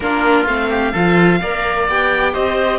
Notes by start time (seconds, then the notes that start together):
0.00 A#3 D4 F4 A#4
0.45 A3 C4 F5
0.69 G4
0.92 F3 F4 A4
1.41 A#3 A#4 D5
1.88 B3 G4 G5
2.33 C4 C5 D#5